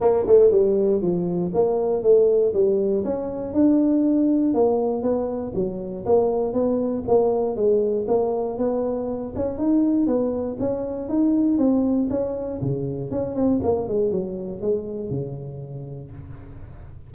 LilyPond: \new Staff \with { instrumentName = "tuba" } { \time 4/4 \tempo 4 = 119 ais8 a8 g4 f4 ais4 | a4 g4 cis'4 d'4~ | d'4 ais4 b4 fis4 | ais4 b4 ais4 gis4 |
ais4 b4. cis'8 dis'4 | b4 cis'4 dis'4 c'4 | cis'4 cis4 cis'8 c'8 ais8 gis8 | fis4 gis4 cis2 | }